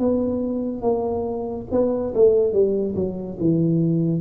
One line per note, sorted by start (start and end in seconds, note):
0.00 0.82 B3
0.82 1.67 A#3
1.72 2.14 B3
2.15 2.53 A3
2.53 2.95 G3
2.96 3.38 F#3
3.40 4.21 E3